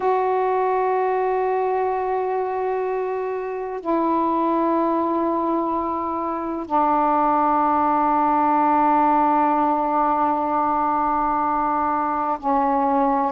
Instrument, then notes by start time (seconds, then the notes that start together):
saxophone
0.00 F#4
3.80 E4
6.66 D4
12.39 C#4